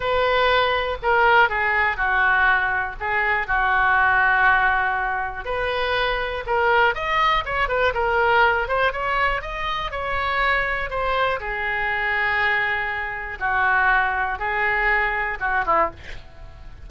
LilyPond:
\new Staff \with { instrumentName = "oboe" } { \time 4/4 \tempo 4 = 121 b'2 ais'4 gis'4 | fis'2 gis'4 fis'4~ | fis'2. b'4~ | b'4 ais'4 dis''4 cis''8 b'8 |
ais'4. c''8 cis''4 dis''4 | cis''2 c''4 gis'4~ | gis'2. fis'4~ | fis'4 gis'2 fis'8 e'8 | }